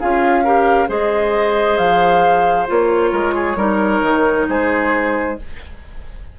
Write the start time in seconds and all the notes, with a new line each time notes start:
0.00 C#4 F4 G#4 F5
0.44 G4 A#4
0.87 G#3 G#4 C5 D#5
1.77 F3 F5
2.67 A#3 F4 C#5
3.11 G#3 A#4
3.35 G#4
3.56 G3 D#4 A#4
4.02 D#3
4.48 G#3 G#4 C5